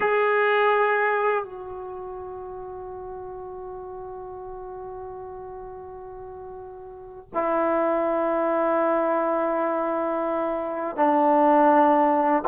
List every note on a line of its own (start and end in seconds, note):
0.00 1.43 G#4
1.43 7.29 F#4
7.33 10.96 E4
10.96 12.43 D4